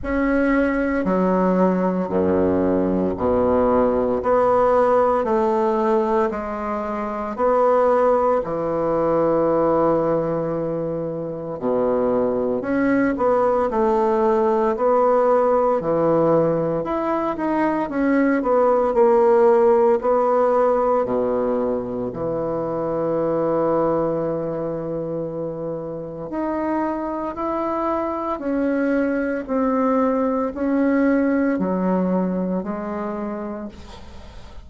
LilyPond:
\new Staff \with { instrumentName = "bassoon" } { \time 4/4 \tempo 4 = 57 cis'4 fis4 fis,4 b,4 | b4 a4 gis4 b4 | e2. b,4 | cis'8 b8 a4 b4 e4 |
e'8 dis'8 cis'8 b8 ais4 b4 | b,4 e2.~ | e4 dis'4 e'4 cis'4 | c'4 cis'4 fis4 gis4 | }